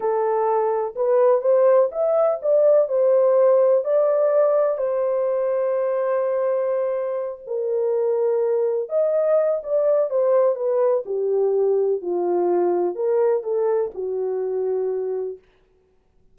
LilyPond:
\new Staff \with { instrumentName = "horn" } { \time 4/4 \tempo 4 = 125 a'2 b'4 c''4 | e''4 d''4 c''2 | d''2 c''2~ | c''2.~ c''8 ais'8~ |
ais'2~ ais'8 dis''4. | d''4 c''4 b'4 g'4~ | g'4 f'2 ais'4 | a'4 fis'2. | }